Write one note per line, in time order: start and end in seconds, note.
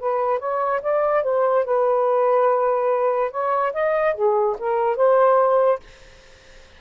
0.00 0.39 B4
0.39 0.81 C#5
0.82 1.23 D5
1.23 1.65 C5
1.65 3.31 B4
3.31 3.73 C#5
3.73 4.15 D#5
4.15 4.56 G#4
4.59 4.97 A#4
4.97 5.80 C5